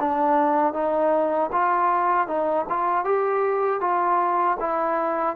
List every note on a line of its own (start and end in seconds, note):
0.00 0.73 D4
0.73 1.50 D#4
1.52 2.27 F4
2.27 2.66 D#4
2.69 3.05 F4
3.05 3.80 G4
3.80 4.57 F4
4.60 5.36 E4